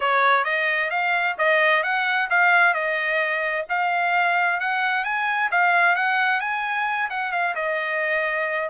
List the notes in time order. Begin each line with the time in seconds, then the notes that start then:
0.00 C#5
0.44 D#5
0.90 F5
1.37 D#5
1.83 F#5
2.30 F5
2.74 D#5
3.69 F5
4.59 F#5
5.04 G#5
5.51 F5
5.95 F#5
6.40 G#5
7.10 F#5
7.32 F5
7.55 D#5